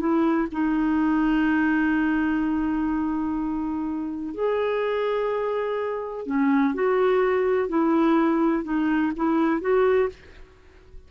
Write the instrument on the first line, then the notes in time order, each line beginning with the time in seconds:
clarinet
0.00 E4
0.52 D#4
4.35 G#4
6.27 C#4
6.74 F#4
7.69 E4
8.64 D#4
9.16 E4
9.62 F#4